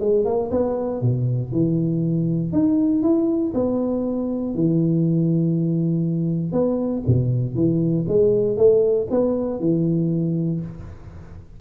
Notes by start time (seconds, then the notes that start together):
0.00 G#3
0.25 A#3
0.51 B3
1.02 B2
1.52 E3
2.53 D#4
3.03 E4
3.54 B3
4.55 E3
6.52 B3
7.07 B2
7.55 E3
8.08 G#3
8.57 A3
9.11 B3
9.60 E3